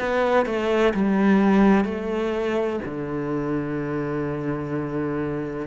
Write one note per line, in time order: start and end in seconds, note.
0.00 0.46 B3
0.46 0.94 A3
0.94 1.85 G3
1.85 2.81 A3
2.85 5.68 D3